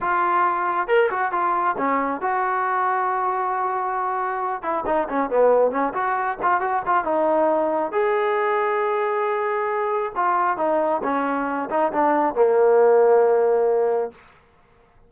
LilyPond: \new Staff \with { instrumentName = "trombone" } { \time 4/4 \tempo 4 = 136 f'2 ais'8 fis'8 f'4 | cis'4 fis'2.~ | fis'2~ fis'8 e'8 dis'8 cis'8 | b4 cis'8 fis'4 f'8 fis'8 f'8 |
dis'2 gis'2~ | gis'2. f'4 | dis'4 cis'4. dis'8 d'4 | ais1 | }